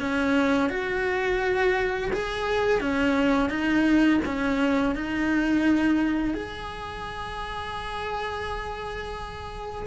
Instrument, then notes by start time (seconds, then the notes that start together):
cello
0.00 C#4
0.70 F#4
2.13 G#4
2.81 C#4
3.50 D#4
4.25 C#4
4.95 D#4
6.34 G#4